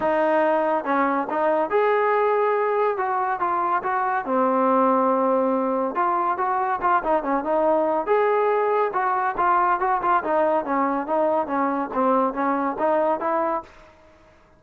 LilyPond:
\new Staff \with { instrumentName = "trombone" } { \time 4/4 \tempo 4 = 141 dis'2 cis'4 dis'4 | gis'2. fis'4 | f'4 fis'4 c'2~ | c'2 f'4 fis'4 |
f'8 dis'8 cis'8 dis'4. gis'4~ | gis'4 fis'4 f'4 fis'8 f'8 | dis'4 cis'4 dis'4 cis'4 | c'4 cis'4 dis'4 e'4 | }